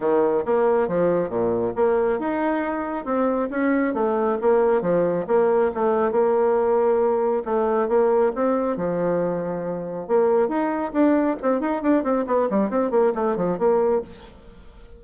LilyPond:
\new Staff \with { instrumentName = "bassoon" } { \time 4/4 \tempo 4 = 137 dis4 ais4 f4 ais,4 | ais4 dis'2 c'4 | cis'4 a4 ais4 f4 | ais4 a4 ais2~ |
ais4 a4 ais4 c'4 | f2. ais4 | dis'4 d'4 c'8 dis'8 d'8 c'8 | b8 g8 c'8 ais8 a8 f8 ais4 | }